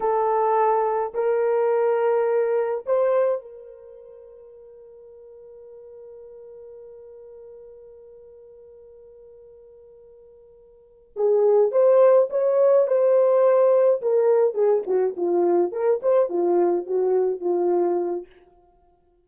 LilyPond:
\new Staff \with { instrumentName = "horn" } { \time 4/4 \tempo 4 = 105 a'2 ais'2~ | ais'4 c''4 ais'2~ | ais'1~ | ais'1~ |
ais'2.~ ais'8 gis'8~ | gis'8 c''4 cis''4 c''4.~ | c''8 ais'4 gis'8 fis'8 f'4 ais'8 | c''8 f'4 fis'4 f'4. | }